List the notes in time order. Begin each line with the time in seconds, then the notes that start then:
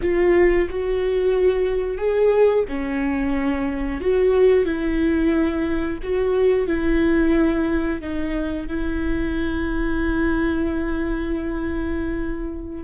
0.02 F4
0.69 F#4
1.97 G#4
2.68 C#4
4.00 F#4
4.65 E4
6.02 F#4
6.67 E4
8.00 D#4
8.67 E4